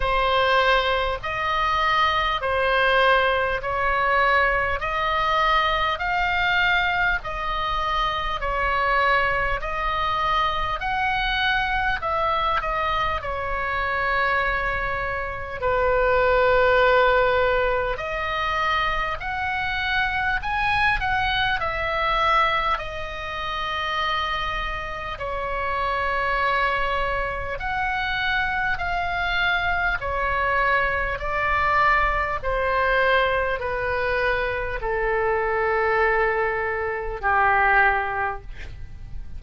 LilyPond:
\new Staff \with { instrumentName = "oboe" } { \time 4/4 \tempo 4 = 50 c''4 dis''4 c''4 cis''4 | dis''4 f''4 dis''4 cis''4 | dis''4 fis''4 e''8 dis''8 cis''4~ | cis''4 b'2 dis''4 |
fis''4 gis''8 fis''8 e''4 dis''4~ | dis''4 cis''2 fis''4 | f''4 cis''4 d''4 c''4 | b'4 a'2 g'4 | }